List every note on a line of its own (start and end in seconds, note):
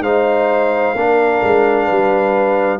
0.00 0.92 G#3
0.00 0.95 D#4
0.00 0.95 C5
0.00 2.79 F5
0.94 1.40 A#3
0.94 2.79 D4
0.94 1.85 A#4
1.42 1.88 G#3
1.85 2.79 G3
1.85 2.77 B4